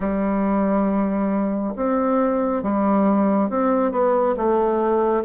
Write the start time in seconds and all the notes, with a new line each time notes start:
0.00 G3
1.75 C4
2.62 G3
3.49 C4
3.91 B3
4.36 A3